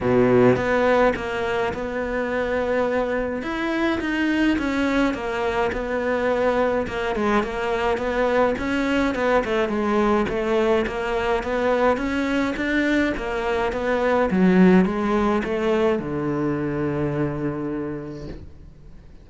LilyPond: \new Staff \with { instrumentName = "cello" } { \time 4/4 \tempo 4 = 105 b,4 b4 ais4 b4~ | b2 e'4 dis'4 | cis'4 ais4 b2 | ais8 gis8 ais4 b4 cis'4 |
b8 a8 gis4 a4 ais4 | b4 cis'4 d'4 ais4 | b4 fis4 gis4 a4 | d1 | }